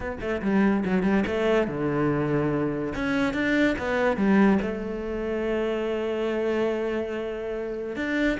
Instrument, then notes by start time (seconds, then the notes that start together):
cello
0.00 B3
0.20 A3
0.42 G3
0.85 F#3
1.02 G3
1.26 A3
1.67 D3
2.94 C#4
3.33 D4
3.78 B3
4.16 G3
4.62 A3
7.96 D4